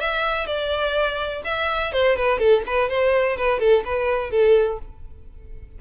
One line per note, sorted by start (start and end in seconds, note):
0.00 0.46 E5
0.46 1.42 D5
1.44 1.92 E5
1.92 2.16 C5
2.16 2.39 B4
2.39 2.63 A4
2.67 2.89 B4
2.89 3.37 C5
3.37 3.59 B4
3.59 3.83 A4
3.85 4.31 B4
4.31 4.79 A4